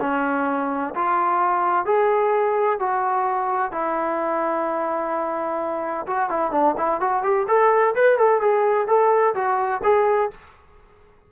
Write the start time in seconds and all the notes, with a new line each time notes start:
0.00 C#4
0.95 F4
1.85 G#4
2.79 F#4
3.72 E4
6.06 F#4
6.29 E4
6.51 D4
6.77 E4
7.00 F#4
7.23 G4
7.47 A4
7.95 B4
8.18 A4
8.41 G#4
8.87 A4
9.34 F#4
9.83 G#4